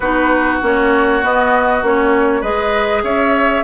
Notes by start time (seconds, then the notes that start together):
0.00 B3 D#4 F#4 B4
0.61 A#3 C#4 C#5
1.22 B3 D#5
1.82 A#3 C#4 C#5
2.41 G#3 G#4 B4 D#5
3.03 C#4 C#5 E5